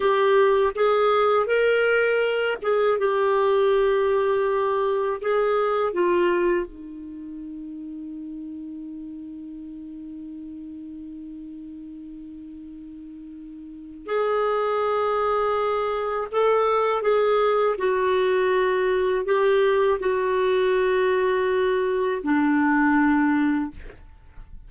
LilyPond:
\new Staff \with { instrumentName = "clarinet" } { \time 4/4 \tempo 4 = 81 g'4 gis'4 ais'4. gis'8 | g'2. gis'4 | f'4 dis'2.~ | dis'1~ |
dis'2. gis'4~ | gis'2 a'4 gis'4 | fis'2 g'4 fis'4~ | fis'2 d'2 | }